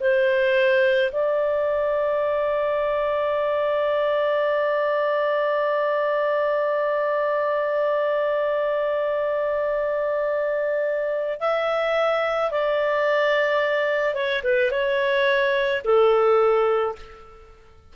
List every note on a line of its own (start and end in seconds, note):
0.00 1.11 C5
1.12 11.39 D5
11.40 12.51 E5
12.51 14.14 D5
14.14 14.42 C#5
14.43 14.71 B4
14.71 15.82 C#5
15.84 16.95 A4